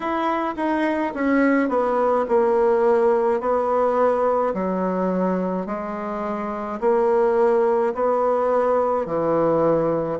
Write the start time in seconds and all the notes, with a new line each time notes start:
0.00 E4
0.56 D#4
1.14 C#4
1.68 B3
2.28 A#3
3.40 B3
4.53 F#3
5.66 G#3
6.80 A#3
7.94 B3
9.06 E3